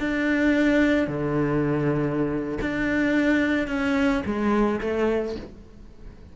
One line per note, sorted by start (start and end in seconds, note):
0.00 1.08 D4
1.08 2.59 D3
2.61 3.68 D4
3.68 4.23 C#4
4.26 4.81 G#3
4.81 5.36 A3